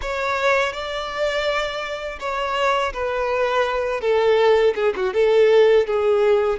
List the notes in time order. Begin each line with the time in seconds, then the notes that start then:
0.01 C#5
0.73 D5
2.19 C#5
2.93 B4
4.00 A4
4.75 G#4
4.96 F#4
5.13 A4
5.86 G#4